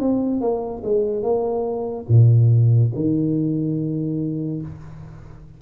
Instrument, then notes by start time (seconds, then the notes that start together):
tuba
0.00 C4
0.41 A#3
0.84 G#3
1.23 A#3
2.09 A#2
2.95 D#3